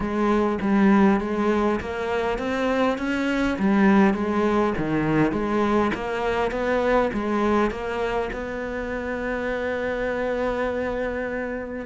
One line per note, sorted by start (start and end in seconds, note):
0.00 0.58 G#3
0.61 1.20 G3
1.20 1.80 G#3
1.80 2.38 A#3
2.38 2.98 C4
2.98 3.57 C#4
3.59 4.14 G3
4.14 4.73 G#3
4.77 5.32 D#3
5.32 5.91 G#3
5.94 6.51 A#3
6.51 7.10 B3
7.13 7.70 G#3
7.70 8.30 A#3
8.32 11.86 B3